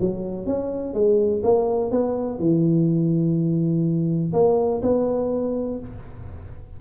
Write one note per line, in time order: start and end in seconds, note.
0.00 0.46 F#3
0.46 0.93 C#4
0.93 1.42 G#3
1.43 1.91 A#3
1.91 2.39 B3
2.39 4.32 E3
4.33 4.81 A#3
4.82 5.79 B3